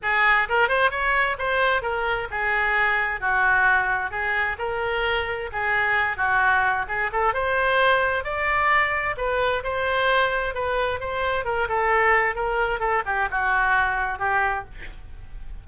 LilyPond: \new Staff \with { instrumentName = "oboe" } { \time 4/4 \tempo 4 = 131 gis'4 ais'8 c''8 cis''4 c''4 | ais'4 gis'2 fis'4~ | fis'4 gis'4 ais'2 | gis'4. fis'4. gis'8 a'8 |
c''2 d''2 | b'4 c''2 b'4 | c''4 ais'8 a'4. ais'4 | a'8 g'8 fis'2 g'4 | }